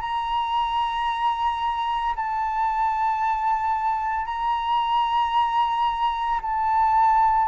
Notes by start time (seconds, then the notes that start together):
0.00 A#5
2.15 A5
4.25 A#5
6.42 A5